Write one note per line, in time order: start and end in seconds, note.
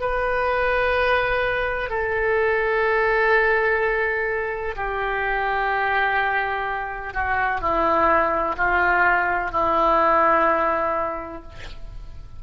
0.00 1.90 B4
1.90 4.75 A4
4.76 7.13 G4
7.13 7.61 F#4
7.61 8.56 E4
8.57 9.52 F4
9.52 11.42 E4